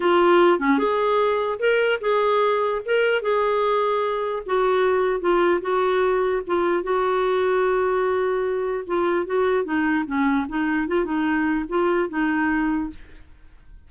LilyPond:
\new Staff \with { instrumentName = "clarinet" } { \time 4/4 \tempo 4 = 149 f'4. cis'8 gis'2 | ais'4 gis'2 ais'4 | gis'2. fis'4~ | fis'4 f'4 fis'2 |
f'4 fis'2.~ | fis'2 f'4 fis'4 | dis'4 cis'4 dis'4 f'8 dis'8~ | dis'4 f'4 dis'2 | }